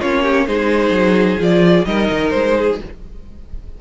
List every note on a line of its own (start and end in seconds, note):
0.00 0.48 A#3
0.00 0.48 C#4
0.00 0.23 F4
0.00 0.47 C#5
0.23 0.46 G4
0.47 0.90 G#3
0.47 1.38 D#4
0.47 1.87 G#4
0.47 1.40 C5
0.90 1.37 F#3
1.38 1.86 F3
1.38 1.85 F4
1.38 1.85 D5
1.85 2.09 G3
1.85 2.79 D#4
1.85 2.58 A#4
1.85 2.30 D#5
2.10 2.33 D#3
2.30 2.81 G#3
2.30 2.77 C5
2.58 2.81 G#4